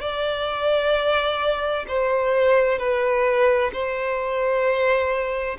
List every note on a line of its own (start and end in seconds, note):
0.00 1.85 D5
1.87 2.78 C5
2.78 3.70 B4
3.73 5.57 C5